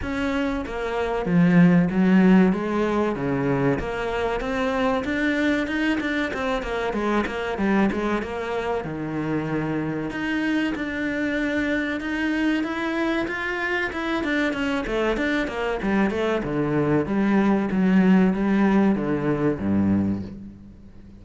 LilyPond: \new Staff \with { instrumentName = "cello" } { \time 4/4 \tempo 4 = 95 cis'4 ais4 f4 fis4 | gis4 cis4 ais4 c'4 | d'4 dis'8 d'8 c'8 ais8 gis8 ais8 | g8 gis8 ais4 dis2 |
dis'4 d'2 dis'4 | e'4 f'4 e'8 d'8 cis'8 a8 | d'8 ais8 g8 a8 d4 g4 | fis4 g4 d4 g,4 | }